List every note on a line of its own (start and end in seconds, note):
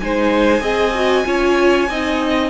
0.00 0.61 G#3
0.00 0.61 D#4
0.00 0.63 C5
0.00 2.51 G#5
0.61 1.24 C4
0.61 0.92 G#4
0.61 1.26 D#5
0.95 1.26 F#4
1.26 1.89 C#4
1.26 1.89 F4
1.26 1.90 C#5
1.89 2.51 C4
1.89 2.51 D#4
1.89 2.51 D#5